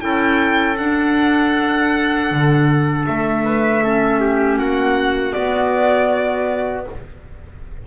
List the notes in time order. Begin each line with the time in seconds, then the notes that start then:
0.00 C#4 E4 A4 G5
0.78 D4 F#5
2.31 D3
3.07 A3 E5
3.45 B4
3.83 C#4 A4
4.21 G4
4.59 A#3 F#4 F#5
5.33 B3 D5